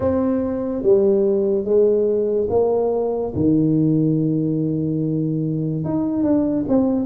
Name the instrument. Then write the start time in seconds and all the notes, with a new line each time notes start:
tuba
0.00 C4
0.82 G3
1.64 G#3
2.49 A#3
3.35 D#3
5.84 D#4
6.23 D4
6.68 C4